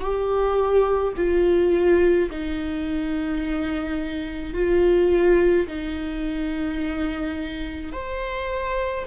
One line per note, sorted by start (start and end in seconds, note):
0.00 1.13 G4
1.16 2.30 F4
2.30 4.53 D#4
4.53 5.67 F4
5.67 7.92 D#4
7.92 9.05 C5